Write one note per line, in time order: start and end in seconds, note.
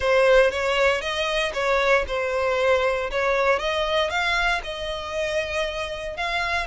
0.00 0.50 C5
0.50 1.01 C#5
1.01 1.52 D#5
1.53 2.05 C#5
2.07 3.10 C5
3.10 3.59 C#5
3.59 4.10 D#5
4.10 4.61 F5
4.63 6.17 D#5
6.17 6.66 F5